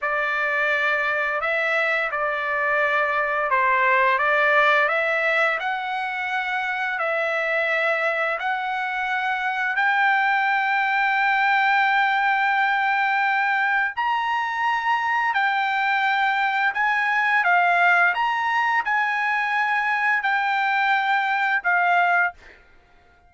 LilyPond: \new Staff \with { instrumentName = "trumpet" } { \time 4/4 \tempo 4 = 86 d''2 e''4 d''4~ | d''4 c''4 d''4 e''4 | fis''2 e''2 | fis''2 g''2~ |
g''1 | ais''2 g''2 | gis''4 f''4 ais''4 gis''4~ | gis''4 g''2 f''4 | }